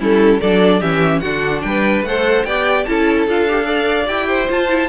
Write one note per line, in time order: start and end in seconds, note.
0.00 0.41 G3
0.00 0.41 C#4
0.00 0.40 E4
0.00 0.42 A4
0.40 0.82 F#3
0.40 0.82 D4
0.40 0.81 A4
0.40 0.82 D5
0.81 1.23 E3
0.81 1.23 C#4
0.81 1.21 G4
0.81 1.20 E5
1.20 1.64 D3
1.20 2.07 D4
1.20 1.62 F#4
1.20 1.61 F#5
1.62 2.03 G3
1.62 2.08 B4
1.62 2.03 G5
2.03 2.44 A3
2.03 2.48 A4
2.03 2.47 C5
2.03 2.45 F#5
2.45 2.86 B3
2.45 2.87 G4
2.45 2.87 D5
2.45 2.85 G5
2.85 3.28 C#4
2.85 3.28 E4
2.85 3.67 A4
2.85 3.26 A5
3.28 4.09 D4
3.28 3.49 F4
3.28 4.08 F5
3.49 3.65 G4
3.65 4.06 A4
3.65 4.28 D5
4.07 4.50 E4
4.07 4.48 G4
4.07 4.49 G5
4.28 4.89 C5
4.50 4.70 F4
4.50 4.89 F4
4.50 4.89 A5
4.70 4.89 E4